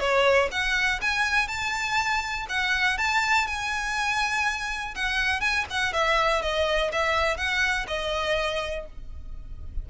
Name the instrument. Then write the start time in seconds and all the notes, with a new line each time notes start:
violin
0.00 C#5
0.51 F#5
1.02 G#5
1.48 A5
2.49 F#5
2.98 A5
3.47 G#5
4.95 F#5
5.41 G#5
5.70 F#5
5.93 E5
6.42 D#5
6.93 E5
7.37 F#5
7.88 D#5